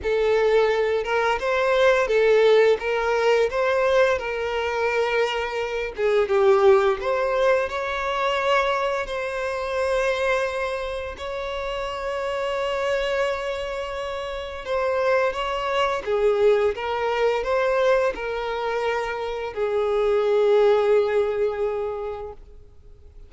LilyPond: \new Staff \with { instrumentName = "violin" } { \time 4/4 \tempo 4 = 86 a'4. ais'8 c''4 a'4 | ais'4 c''4 ais'2~ | ais'8 gis'8 g'4 c''4 cis''4~ | cis''4 c''2. |
cis''1~ | cis''4 c''4 cis''4 gis'4 | ais'4 c''4 ais'2 | gis'1 | }